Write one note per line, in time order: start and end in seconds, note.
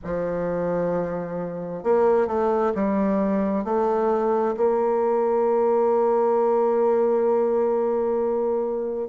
0.04 1.83 F3
1.83 2.27 A#3
2.27 2.72 A3
2.74 3.64 G3
3.64 4.55 A3
4.56 9.08 A#3